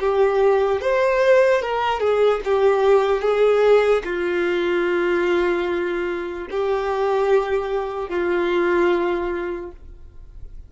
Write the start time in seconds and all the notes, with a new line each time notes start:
0.00 G4
0.81 C5
1.62 A#4
2.00 G#4
2.45 G4
3.22 G#4
4.05 F4
6.51 G4
8.09 F4